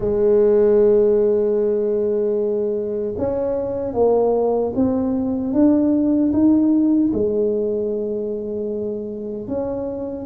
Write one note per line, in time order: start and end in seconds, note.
0.00 3.14 G#3
3.17 3.93 C#4
3.93 4.72 A#3
4.75 5.53 C4
5.53 6.32 D4
6.32 7.11 D#4
7.13 9.47 G#3
9.47 10.26 C#4